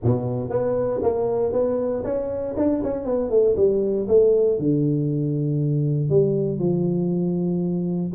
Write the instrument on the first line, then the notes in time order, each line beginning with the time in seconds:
tuba
0.03 B2
0.49 B3
1.02 A#3
1.52 B3
2.03 C#4
2.57 D4
2.83 C#4
3.04 B3
3.29 A3
3.56 G3
4.08 A3
4.59 D3
6.09 G3
6.59 F3